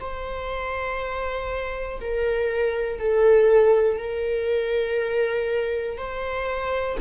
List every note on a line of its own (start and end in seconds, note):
0.00 2.00 C5
2.00 2.99 A#4
2.99 3.98 A4
3.98 5.98 A#4
5.98 6.98 C5